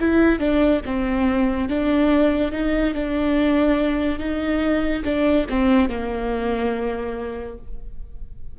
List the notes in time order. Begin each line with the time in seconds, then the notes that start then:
0.00 E4
0.39 D4
0.85 C4
1.68 D4
2.51 D#4
2.93 D4
4.18 D#4
5.04 D4
5.49 C4
5.88 A#3